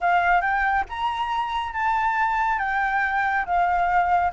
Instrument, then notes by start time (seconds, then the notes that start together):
flute
0.00 F5
0.41 G5
0.89 A#5
1.73 A5
2.58 G5
3.45 F5